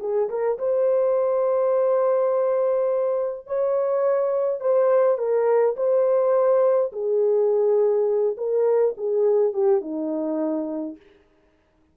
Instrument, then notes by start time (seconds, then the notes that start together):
horn
0.00 G#4
0.29 A#4
0.58 C5
3.47 C#5
4.60 C5
5.18 A#4
5.76 C5
6.93 G#4
8.37 A#4
8.98 G#4
9.53 G4
9.81 D#4